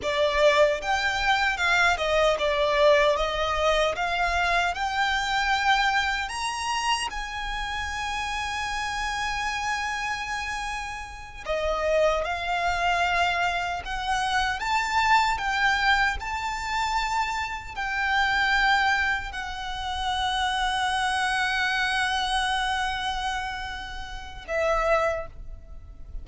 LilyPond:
\new Staff \with { instrumentName = "violin" } { \time 4/4 \tempo 4 = 76 d''4 g''4 f''8 dis''8 d''4 | dis''4 f''4 g''2 | ais''4 gis''2.~ | gis''2~ gis''8 dis''4 f''8~ |
f''4. fis''4 a''4 g''8~ | g''8 a''2 g''4.~ | g''8 fis''2.~ fis''8~ | fis''2. e''4 | }